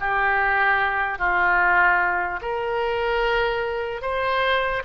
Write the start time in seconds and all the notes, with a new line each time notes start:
0.00 G4
1.18 F4
2.41 A#4
4.01 C5